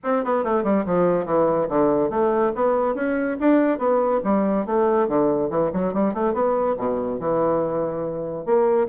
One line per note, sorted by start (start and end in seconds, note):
0.03 0.24 C4
0.24 0.44 B3
0.44 0.63 A3
0.63 0.84 G3
0.85 1.25 F3
1.25 1.67 E3
1.69 2.10 D3
2.10 2.52 A3
2.55 2.94 B3
2.94 3.37 C#4
3.40 3.78 D4
3.78 4.20 B3
4.23 4.65 G3
4.65 5.08 A3
5.08 5.50 D3
5.50 5.71 E3
5.73 5.93 F#3
5.93 6.14 G3
6.14 6.33 A3
6.33 6.76 B3
6.77 7.19 B2
7.19 8.45 E3
8.45 8.87 A#3